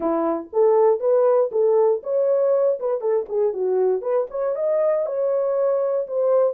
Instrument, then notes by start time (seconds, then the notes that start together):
horn
0.00 E4
0.52 A4
0.99 B4
1.51 A4
2.03 C#5
2.79 B4
3.00 A4
3.28 G#4
3.53 F#4
4.01 B4
4.30 C#5
4.55 D#5
5.06 C#5
6.07 C5